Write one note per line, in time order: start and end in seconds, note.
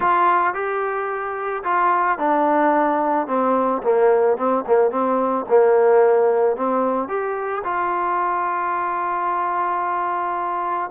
0.00 0.54 F4
0.54 1.63 G4
1.63 2.18 F4
2.18 3.27 D4
3.27 3.82 C4
3.83 4.37 A#3
4.37 4.64 C4
4.66 4.90 A#3
4.90 5.45 C4
5.49 6.56 A#3
6.56 7.08 C4
7.08 7.62 G4
7.63 10.90 F4